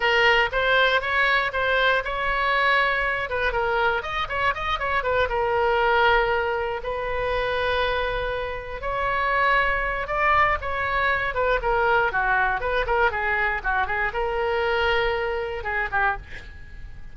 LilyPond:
\new Staff \with { instrumentName = "oboe" } { \time 4/4 \tempo 4 = 119 ais'4 c''4 cis''4 c''4 | cis''2~ cis''8 b'8 ais'4 | dis''8 cis''8 dis''8 cis''8 b'8 ais'4.~ | ais'4. b'2~ b'8~ |
b'4. cis''2~ cis''8 | d''4 cis''4. b'8 ais'4 | fis'4 b'8 ais'8 gis'4 fis'8 gis'8 | ais'2. gis'8 g'8 | }